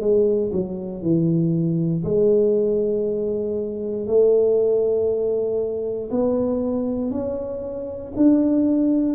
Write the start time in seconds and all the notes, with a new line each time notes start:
0.00 G#3
0.52 F#3
1.02 E3
2.04 G#3
4.07 A3
6.10 B3
7.11 C#4
8.16 D4